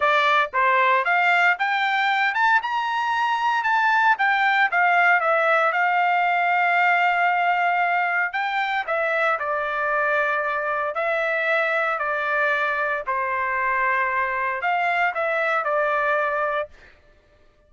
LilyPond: \new Staff \with { instrumentName = "trumpet" } { \time 4/4 \tempo 4 = 115 d''4 c''4 f''4 g''4~ | g''8 a''8 ais''2 a''4 | g''4 f''4 e''4 f''4~ | f''1 |
g''4 e''4 d''2~ | d''4 e''2 d''4~ | d''4 c''2. | f''4 e''4 d''2 | }